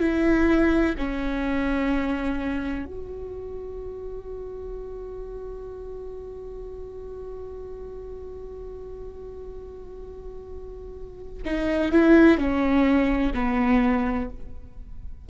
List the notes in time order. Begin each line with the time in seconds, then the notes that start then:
0.00 E4
0.98 C#4
2.86 F#4
11.45 D#4
11.92 E4
12.38 C#4
13.34 B3